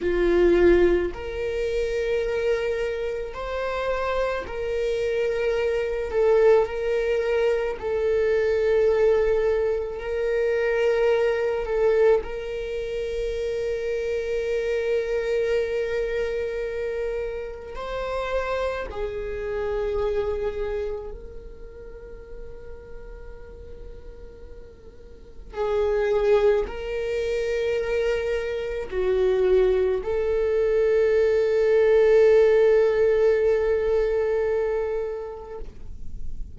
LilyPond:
\new Staff \with { instrumentName = "viola" } { \time 4/4 \tempo 4 = 54 f'4 ais'2 c''4 | ais'4. a'8 ais'4 a'4~ | a'4 ais'4. a'8 ais'4~ | ais'1 |
c''4 gis'2 ais'4~ | ais'2. gis'4 | ais'2 fis'4 a'4~ | a'1 | }